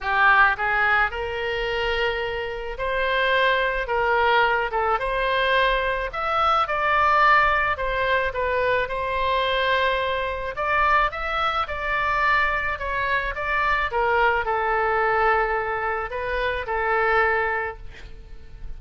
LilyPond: \new Staff \with { instrumentName = "oboe" } { \time 4/4 \tempo 4 = 108 g'4 gis'4 ais'2~ | ais'4 c''2 ais'4~ | ais'8 a'8 c''2 e''4 | d''2 c''4 b'4 |
c''2. d''4 | e''4 d''2 cis''4 | d''4 ais'4 a'2~ | a'4 b'4 a'2 | }